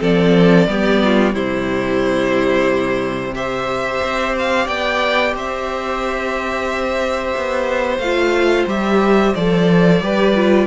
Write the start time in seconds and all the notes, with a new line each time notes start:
0.00 F3 C4 A4 D5
0.67 G3 B3 G4
1.04 F4
1.33 C3 G3 E4 C5
3.35 G4 C5 E5
4.03 C4
4.38 F5
4.65 B3 D5 G5
5.34 C4 C5 E5
7.36 B3
7.98 A3 F4 F5
8.67 G3 G4 E5
9.35 F3 A4 D5
10.01 G3 G4 B4
10.35 F4